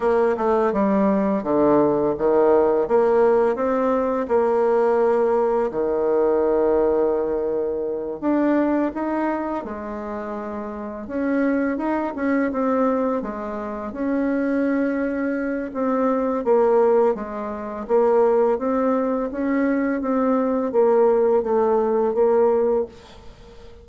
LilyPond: \new Staff \with { instrumentName = "bassoon" } { \time 4/4 \tempo 4 = 84 ais8 a8 g4 d4 dis4 | ais4 c'4 ais2 | dis2.~ dis8 d'8~ | d'8 dis'4 gis2 cis'8~ |
cis'8 dis'8 cis'8 c'4 gis4 cis'8~ | cis'2 c'4 ais4 | gis4 ais4 c'4 cis'4 | c'4 ais4 a4 ais4 | }